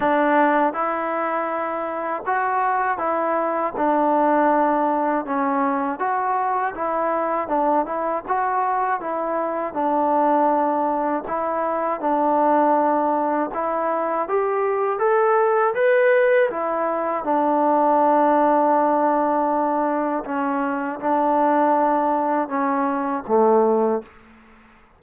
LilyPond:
\new Staff \with { instrumentName = "trombone" } { \time 4/4 \tempo 4 = 80 d'4 e'2 fis'4 | e'4 d'2 cis'4 | fis'4 e'4 d'8 e'8 fis'4 | e'4 d'2 e'4 |
d'2 e'4 g'4 | a'4 b'4 e'4 d'4~ | d'2. cis'4 | d'2 cis'4 a4 | }